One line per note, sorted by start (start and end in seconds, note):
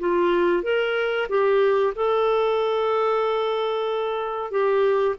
0.00 0.64 F4
0.64 1.28 A#4
1.30 1.94 G4
1.96 4.51 A4
4.51 5.16 G4